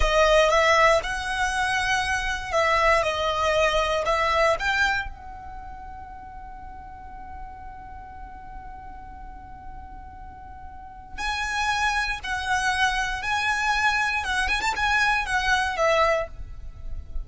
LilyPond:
\new Staff \with { instrumentName = "violin" } { \time 4/4 \tempo 4 = 118 dis''4 e''4 fis''2~ | fis''4 e''4 dis''2 | e''4 g''4 fis''2~ | fis''1~ |
fis''1~ | fis''2 gis''2 | fis''2 gis''2 | fis''8 gis''16 a''16 gis''4 fis''4 e''4 | }